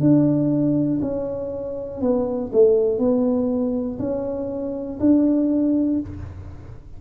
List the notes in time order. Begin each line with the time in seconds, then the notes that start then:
0.00 D4
1.01 C#4
2.01 B3
2.53 A3
2.99 B3
3.99 C#4
5.00 D4